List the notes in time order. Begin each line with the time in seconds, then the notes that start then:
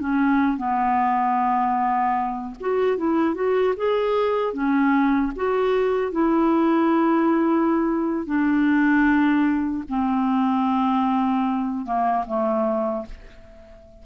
0.00 C#4
0.58 B3
2.61 F#4
2.98 E4
3.35 F#4
3.77 G#4
4.54 C#4
5.36 F#4
6.12 E4
8.26 D4
9.89 C4
11.86 A#3
12.27 A3